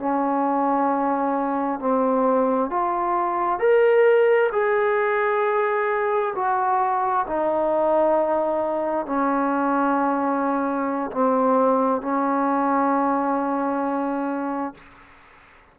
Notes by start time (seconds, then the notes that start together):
0.00 C#4
1.80 C4
2.71 F4
3.60 A#4
4.53 G#4
6.36 F#4
7.28 D#4
9.07 C#4
11.12 C4
12.02 C#4